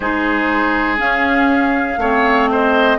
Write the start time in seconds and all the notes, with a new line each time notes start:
0.00 G#3 D#4 G#4 C5
0.97 C#4 F5
1.97 A3 C4 C#5
2.50 C5 D#5